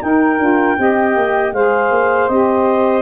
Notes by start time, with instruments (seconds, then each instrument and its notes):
0.00 saxophone D#4 A#4, tuba D#4, clarinet G5
0.39 tuba D4, saxophone F4
0.76 tuba C4, saxophone G4 D#5
1.16 tuba A#3
1.52 tuba G#3, saxophone G#4 C5, clarinet F5
1.90 tuba A#3
2.28 tuba C4, saxophone G4, clarinet D#5